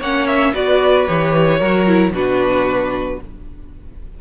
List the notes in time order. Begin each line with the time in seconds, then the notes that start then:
0.00 A#3 C#4 C#5 F#5
0.28 E5
0.54 B3 F#4 B4 D5
1.07 E3 G4 C#5
1.59 F#3 F#4 A#4
1.87 E4
2.12 B2 D4 F#4 B4